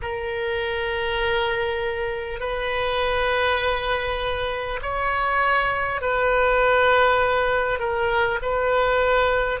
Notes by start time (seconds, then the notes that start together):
0.02 A#4
2.39 B4
4.82 C#5
6.01 B4
7.79 A#4
8.42 B4